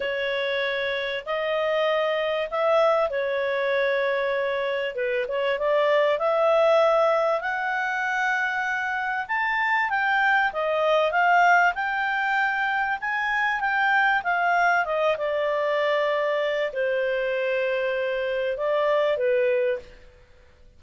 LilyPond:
\new Staff \with { instrumentName = "clarinet" } { \time 4/4 \tempo 4 = 97 cis''2 dis''2 | e''4 cis''2. | b'8 cis''8 d''4 e''2 | fis''2. a''4 |
g''4 dis''4 f''4 g''4~ | g''4 gis''4 g''4 f''4 | dis''8 d''2~ d''8 c''4~ | c''2 d''4 b'4 | }